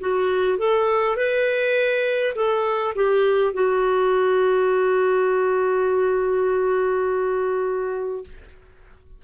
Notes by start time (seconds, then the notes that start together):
0.00 F#4
0.59 A4
1.17 B4
2.36 A4
2.96 G4
3.54 F#4